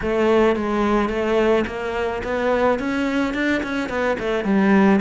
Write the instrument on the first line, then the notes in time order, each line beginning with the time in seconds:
cello
0.02 A3
0.56 G#3
1.09 A3
1.67 A#3
2.23 B3
2.79 C#4
3.34 D4
3.63 C#4
3.89 B3
4.19 A3
4.44 G3